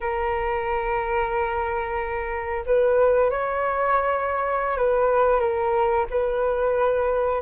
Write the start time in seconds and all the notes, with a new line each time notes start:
0.01 A#4
2.66 B4
3.30 C#5
4.77 B4
5.40 A#4
6.10 B4